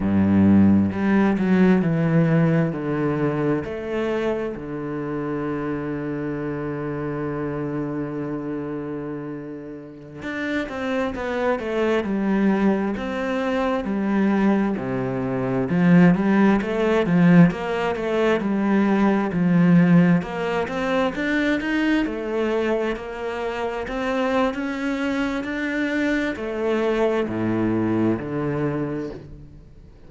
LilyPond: \new Staff \with { instrumentName = "cello" } { \time 4/4 \tempo 4 = 66 g,4 g8 fis8 e4 d4 | a4 d2.~ | d2.~ d16 d'8 c'16~ | c'16 b8 a8 g4 c'4 g8.~ |
g16 c4 f8 g8 a8 f8 ais8 a16~ | a16 g4 f4 ais8 c'8 d'8 dis'16~ | dis'16 a4 ais4 c'8. cis'4 | d'4 a4 a,4 d4 | }